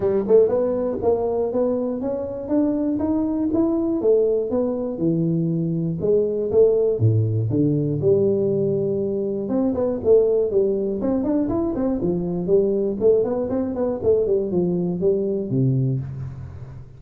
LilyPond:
\new Staff \with { instrumentName = "tuba" } { \time 4/4 \tempo 4 = 120 g8 a8 b4 ais4 b4 | cis'4 d'4 dis'4 e'4 | a4 b4 e2 | gis4 a4 a,4 d4 |
g2. c'8 b8 | a4 g4 c'8 d'8 e'8 c'8 | f4 g4 a8 b8 c'8 b8 | a8 g8 f4 g4 c4 | }